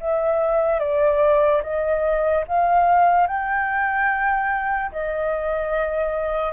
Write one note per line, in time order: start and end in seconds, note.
0.00 0.80 E5
0.80 1.62 D5
1.63 2.45 D#5
2.48 3.28 F5
3.28 4.92 G5
4.92 6.53 D#5